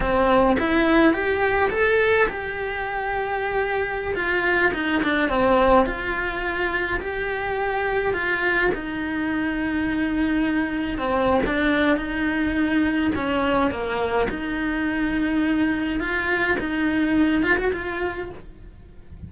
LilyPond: \new Staff \with { instrumentName = "cello" } { \time 4/4 \tempo 4 = 105 c'4 e'4 g'4 a'4 | g'2.~ g'16 f'8.~ | f'16 dis'8 d'8 c'4 f'4.~ f'16~ | f'16 g'2 f'4 dis'8.~ |
dis'2.~ dis'16 c'8. | d'4 dis'2 cis'4 | ais4 dis'2. | f'4 dis'4. f'16 fis'16 f'4 | }